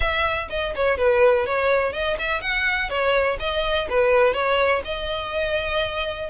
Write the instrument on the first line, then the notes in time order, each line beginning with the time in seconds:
violin
0.00 E5
0.49 D#5
0.75 C#5
0.97 B4
1.46 C#5
1.92 D#5
2.19 E5
2.41 F#5
2.89 C#5
3.39 D#5
3.89 B4
4.33 C#5
4.84 D#5